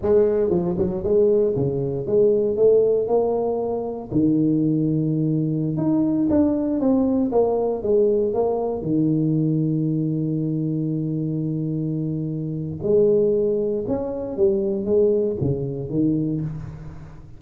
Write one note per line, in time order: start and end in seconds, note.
0.02 0.50 G#3
0.50 0.76 F3
0.77 1.03 F#3
1.03 1.55 G#3
1.56 2.06 C#3
2.06 2.56 G#3
2.56 3.07 A3
3.07 4.10 A#3
4.11 5.77 D#3
5.77 6.28 D#4
6.29 6.79 D4
6.79 7.31 C4
7.31 7.82 A#3
7.82 8.33 G#3
8.33 8.81 A#3
8.81 12.79 D#3
12.82 13.85 G#3
13.87 14.36 C#4
14.36 14.85 G3
14.85 15.36 G#3
15.40 15.89 C#3
15.89 16.41 D#3